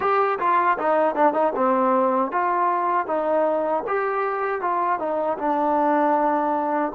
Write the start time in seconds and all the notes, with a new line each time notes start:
0.00 G4
0.38 F4
0.78 D#4
1.15 D4
1.33 D#4
1.55 C4
2.31 F4
3.06 D#4
3.87 G4
4.61 F4
4.99 D#4
5.38 D4